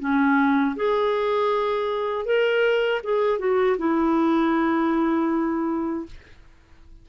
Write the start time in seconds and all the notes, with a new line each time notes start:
0.00 C#4
0.77 G#4
2.26 A#4
3.04 G#4
3.39 F#4
3.79 E4